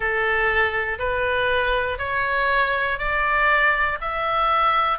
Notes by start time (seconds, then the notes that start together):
0.00 A4
0.99 B4
1.98 C#5
2.98 D5
4.00 E5